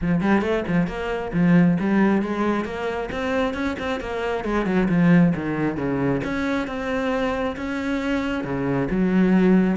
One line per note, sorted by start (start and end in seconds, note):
0.01 0.21 F3
0.21 0.41 G3
0.41 0.63 A3
0.67 0.87 F3
0.87 1.31 A#3
1.33 1.77 F3
1.80 2.22 G3
2.22 2.64 G#3
2.64 3.09 A#3
3.11 3.53 C4
3.53 3.76 C#4
3.79 4.00 C4
4.00 4.44 A#3
4.44 4.65 G#3
4.65 4.87 F#3
4.88 5.33 F3
5.35 5.76 D#3
5.76 6.21 C#3
6.24 6.67 C#4
6.67 7.56 C4
7.56 8.44 C#4
8.44 8.88 C#3
8.90 9.76 F#3